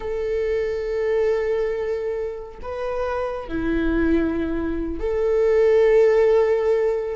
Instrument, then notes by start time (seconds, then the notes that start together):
viola
0.00 A4
2.61 B4
3.48 E4
4.99 A4